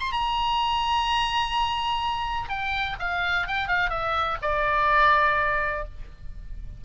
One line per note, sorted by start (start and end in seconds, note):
0.00 0.12 C6
0.12 2.49 A#5
2.49 2.97 G5
2.99 3.47 F5
3.47 3.68 G5
3.68 3.90 F5
3.90 4.37 E5
4.42 5.85 D5